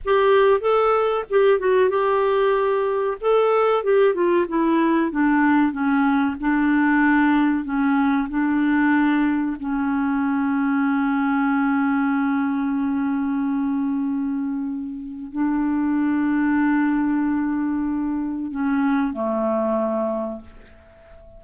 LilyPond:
\new Staff \with { instrumentName = "clarinet" } { \time 4/4 \tempo 4 = 94 g'4 a'4 g'8 fis'8 g'4~ | g'4 a'4 g'8 f'8 e'4 | d'4 cis'4 d'2 | cis'4 d'2 cis'4~ |
cis'1~ | cis'1 | d'1~ | d'4 cis'4 a2 | }